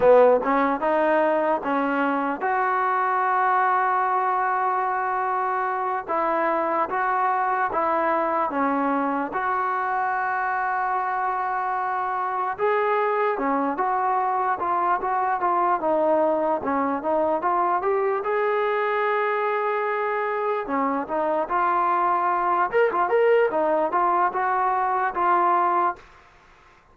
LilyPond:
\new Staff \with { instrumentName = "trombone" } { \time 4/4 \tempo 4 = 74 b8 cis'8 dis'4 cis'4 fis'4~ | fis'2.~ fis'8 e'8~ | e'8 fis'4 e'4 cis'4 fis'8~ | fis'2.~ fis'8 gis'8~ |
gis'8 cis'8 fis'4 f'8 fis'8 f'8 dis'8~ | dis'8 cis'8 dis'8 f'8 g'8 gis'4.~ | gis'4. cis'8 dis'8 f'4. | ais'16 f'16 ais'8 dis'8 f'8 fis'4 f'4 | }